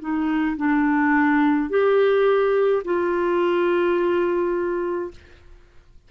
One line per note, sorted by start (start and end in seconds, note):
0.00 0.57 D#4
0.57 1.70 D4
1.70 2.83 G4
2.85 5.11 F4